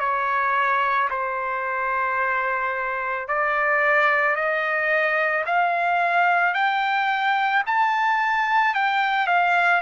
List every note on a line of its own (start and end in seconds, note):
0.00 1.09 C#5
1.10 3.28 C5
3.28 4.36 D5
4.36 5.45 D#5
5.46 6.55 F5
6.55 7.64 G5
7.67 8.75 A5
8.75 9.27 G5
9.27 9.82 F5